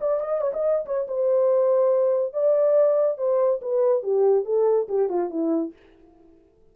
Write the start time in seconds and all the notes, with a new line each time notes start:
0.00 D5
0.20 D#5
0.41 C#5
0.53 D#5
0.85 C#5
1.07 C5
2.33 D5
3.17 C5
3.61 B4
4.03 G4
4.45 A4
4.88 G4
5.09 F4
5.30 E4